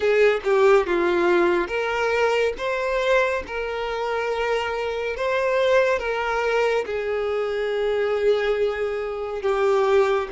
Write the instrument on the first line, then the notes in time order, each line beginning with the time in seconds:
violin
0.00 G#4
0.44 G4
0.86 F4
1.67 A#4
2.57 C5
3.46 A#4
5.16 C5
5.98 A#4
6.85 G#4
9.42 G4